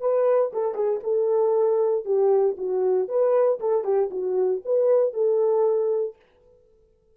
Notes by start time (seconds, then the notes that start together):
0.00 B4
0.53 A4
0.74 G#4
1.03 A4
2.05 G4
2.57 F#4
3.08 B4
3.60 A4
3.84 G4
4.10 F#4
4.65 B4
5.13 A4